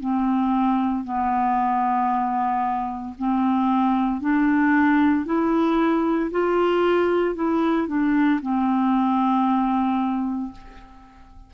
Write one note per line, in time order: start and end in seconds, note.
0.00 1.04 C4
1.04 3.15 B3
3.18 4.20 C4
4.20 5.25 D4
5.25 6.31 E4
6.31 7.35 F4
7.35 7.88 E4
7.88 8.40 D4
8.41 10.52 C4